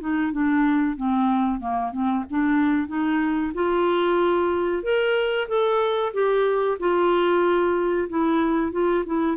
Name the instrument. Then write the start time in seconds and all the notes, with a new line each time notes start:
clarinet
0.00 D#4
0.32 D4
0.96 C4
1.60 A#3
1.92 C4
2.30 D4
2.88 D#4
3.54 F4
4.83 A#4
5.48 A4
6.13 G4
6.79 F4
8.09 E4
8.72 F4
9.06 E4